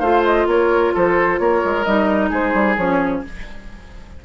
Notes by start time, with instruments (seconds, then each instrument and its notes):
0.00 bassoon A3, clarinet F4, oboe C5, flute F5
0.25 flute D#5
0.47 bassoon A#3, oboe A#4, flute C#5
0.94 bassoon F3, oboe A4, flute C5
1.39 bassoon A#3, oboe A#4, flute C#5
1.65 bassoon G#3
1.84 bassoon G3, clarinet D#4, flute D#5
2.30 bassoon G#3, oboe G#4, flute C5
2.54 bassoon G3
2.77 bassoon F3, clarinet C#4, flute C#5